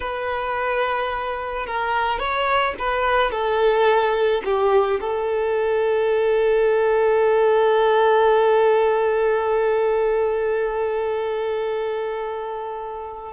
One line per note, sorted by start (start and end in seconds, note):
0.00 1.66 B4
1.66 2.19 A#4
2.19 2.74 C#5
2.79 3.31 B4
3.31 4.42 A4
4.44 4.99 G4
5.00 13.33 A4